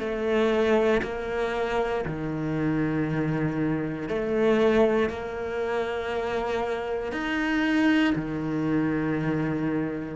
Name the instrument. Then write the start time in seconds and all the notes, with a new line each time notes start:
cello
0.00 A3
1.03 A#3
2.06 D#3
4.09 A3
5.09 A#3
7.12 D#4
8.16 D#3